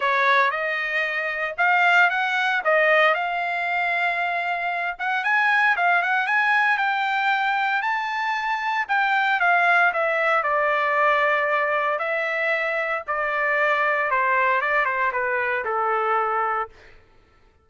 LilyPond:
\new Staff \with { instrumentName = "trumpet" } { \time 4/4 \tempo 4 = 115 cis''4 dis''2 f''4 | fis''4 dis''4 f''2~ | f''4. fis''8 gis''4 f''8 fis''8 | gis''4 g''2 a''4~ |
a''4 g''4 f''4 e''4 | d''2. e''4~ | e''4 d''2 c''4 | d''8 c''8 b'4 a'2 | }